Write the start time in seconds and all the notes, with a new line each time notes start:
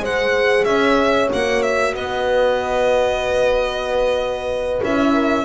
0.00 G#3 G#4 C5 F#5
0.65 C#4 C#5 E5
1.30 A#3 F#4 F#5
1.63 E5
1.94 B3 B4 D#5
4.81 C#4 E4 E5
5.13 A#4